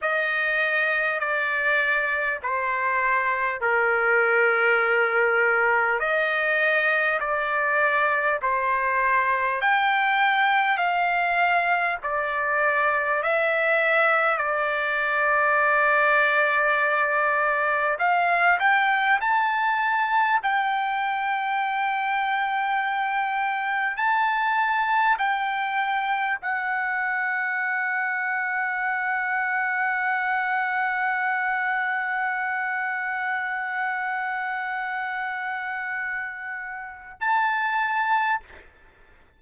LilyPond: \new Staff \with { instrumentName = "trumpet" } { \time 4/4 \tempo 4 = 50 dis''4 d''4 c''4 ais'4~ | ais'4 dis''4 d''4 c''4 | g''4 f''4 d''4 e''4 | d''2. f''8 g''8 |
a''4 g''2. | a''4 g''4 fis''2~ | fis''1~ | fis''2. a''4 | }